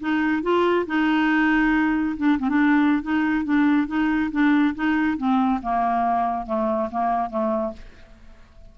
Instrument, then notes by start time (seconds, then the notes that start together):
clarinet
0.00 D#4
0.43 F4
0.87 D#4
2.17 D4
2.39 C4
2.49 D4
3.03 D#4
3.44 D4
3.87 D#4
4.31 D4
4.75 D#4
5.17 C4
5.62 A#3
6.46 A3
6.91 A#3
7.30 A3